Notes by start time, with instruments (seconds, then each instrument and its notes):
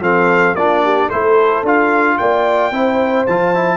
0.00 tuba F3, trombone C4, horn A4, trumpet F5
0.54 tuba A#3, trombone D4, horn F4, trumpet D5
0.84 horn G4
1.08 tuba A3, trombone E4, horn A4, trumpet C5
1.63 tuba D4, trombone F4, trumpet F5
2.18 tuba A#3, horn D5, trumpet G5
2.71 tuba C4, trombone E4, horn C5
3.26 tuba F3, trombone F4, trumpet A5
3.54 trombone E4